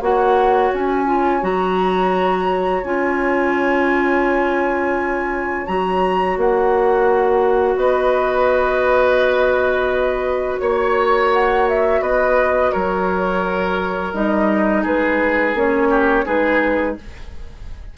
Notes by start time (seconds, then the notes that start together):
0.00 A#3 F#4 C#5 F#5
0.74 C#4 G#5
1.06 F4
1.41 F#3 F#4 A#5
2.83 C#4 F4 G#5
5.67 F#3 F#4 A#5
6.37 A#3 F#5
7.76 B3 B4 D#5
10.59 A#3 C#5
11.33 F#5
11.69 E5
12.01 B3 B4 D#5
12.73 F#3 A#4 C#5
14.14 G3 D#4 D#5
14.83 G#3 G#4 B4
15.54 A#3 C#4 C#5
15.90 G4
16.25 G#3 D#4 G#4 B4